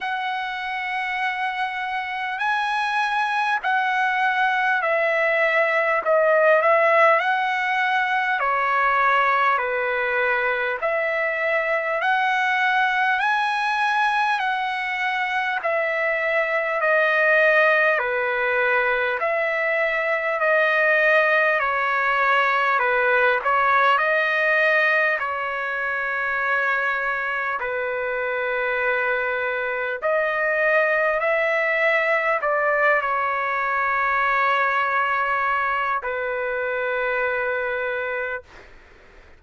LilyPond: \new Staff \with { instrumentName = "trumpet" } { \time 4/4 \tempo 4 = 50 fis''2 gis''4 fis''4 | e''4 dis''8 e''8 fis''4 cis''4 | b'4 e''4 fis''4 gis''4 | fis''4 e''4 dis''4 b'4 |
e''4 dis''4 cis''4 b'8 cis''8 | dis''4 cis''2 b'4~ | b'4 dis''4 e''4 d''8 cis''8~ | cis''2 b'2 | }